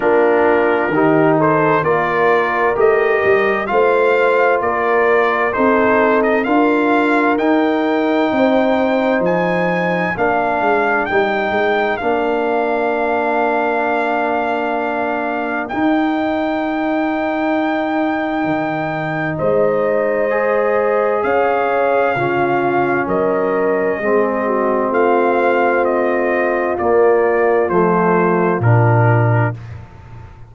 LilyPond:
<<
  \new Staff \with { instrumentName = "trumpet" } { \time 4/4 \tempo 4 = 65 ais'4. c''8 d''4 dis''4 | f''4 d''4 c''8. dis''16 f''4 | g''2 gis''4 f''4 | g''4 f''2.~ |
f''4 g''2.~ | g''4 dis''2 f''4~ | f''4 dis''2 f''4 | dis''4 d''4 c''4 ais'4 | }
  \new Staff \with { instrumentName = "horn" } { \time 4/4 f'4 g'8 a'8 ais'2 | c''4 ais'4 a'4 ais'4~ | ais'4 c''2 ais'4~ | ais'1~ |
ais'1~ | ais'4 c''2 cis''4 | f'4 ais'4 gis'8 fis'8 f'4~ | f'1 | }
  \new Staff \with { instrumentName = "trombone" } { \time 4/4 d'4 dis'4 f'4 g'4 | f'2 dis'4 f'4 | dis'2. d'4 | dis'4 d'2.~ |
d'4 dis'2.~ | dis'2 gis'2 | cis'2 c'2~ | c'4 ais4 a4 d'4 | }
  \new Staff \with { instrumentName = "tuba" } { \time 4/4 ais4 dis4 ais4 a8 g8 | a4 ais4 c'4 d'4 | dis'4 c'4 f4 ais8 gis8 | g8 gis8 ais2.~ |
ais4 dis'2. | dis4 gis2 cis'4 | cis4 fis4 gis4 a4~ | a4 ais4 f4 ais,4 | }
>>